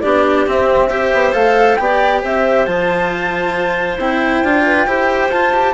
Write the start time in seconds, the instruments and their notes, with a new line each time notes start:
0.00 bassoon B3, cello D4, clarinet G4, flute D5
0.46 bassoon C4, cello C4, flute E5
0.89 cello G4, clarinet C5
1.13 bassoon B3
1.32 bassoon A3, cello A4, flute F5
1.75 bassoon B3, cello G4, flute G5
1.81 clarinet D5
2.21 bassoon C4, clarinet C5, flute E5
2.66 bassoon F3, cello F4, flute A5
3.98 bassoon C4, cello E4, flute G5
4.43 bassoon D4, cello F4
4.66 clarinet B4
4.87 bassoon E4, cello G4, clarinet C5
5.29 bassoon F4, cello F4, flute A5
5.53 cello G4